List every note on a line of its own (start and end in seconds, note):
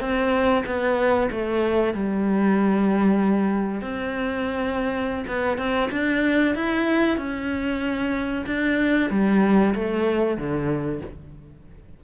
0.00 0.64 C4
0.65 1.29 B3
1.31 1.94 A3
1.94 3.81 G3
3.81 5.25 C4
5.27 5.58 B3
5.58 5.90 C4
5.91 6.55 D4
6.55 7.17 E4
7.17 8.45 C#4
8.46 9.10 D4
9.10 9.74 G3
9.74 10.37 A3
10.37 11.01 D3